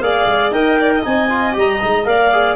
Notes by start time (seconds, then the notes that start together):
0.00 A#3 G#4 D5 F5
0.26 G#3
0.51 D#4 A#4 D#5 G5
0.80 D5
0.96 D#5
1.03 C4 D#4 G#5
1.29 F4
1.53 G3 G4 A#5
1.81 G#3 D#4
2.05 A#3 A#4 D5 F5
2.32 G#4